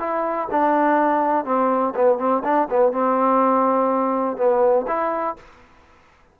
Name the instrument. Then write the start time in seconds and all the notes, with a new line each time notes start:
trombone
0.00 E4
0.51 D4
1.45 C4
1.96 B3
2.19 C4
2.44 D4
2.71 B3
2.93 C4
4.37 B3
4.88 E4